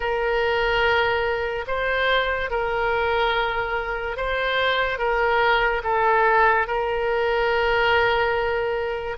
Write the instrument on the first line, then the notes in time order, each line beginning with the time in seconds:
oboe
0.00 A#4
1.67 C5
2.50 A#4
4.17 C5
4.98 A#4
5.83 A4
6.67 A#4